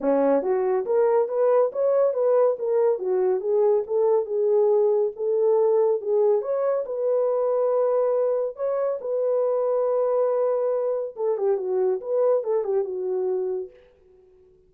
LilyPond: \new Staff \with { instrumentName = "horn" } { \time 4/4 \tempo 4 = 140 cis'4 fis'4 ais'4 b'4 | cis''4 b'4 ais'4 fis'4 | gis'4 a'4 gis'2 | a'2 gis'4 cis''4 |
b'1 | cis''4 b'2.~ | b'2 a'8 g'8 fis'4 | b'4 a'8 g'8 fis'2 | }